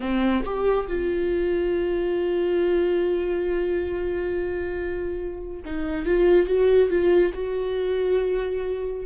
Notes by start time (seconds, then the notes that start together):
0.00 C4
0.44 G4
0.87 F4
5.65 D#4
6.05 F4
6.46 F#4
6.89 F4
7.33 F#4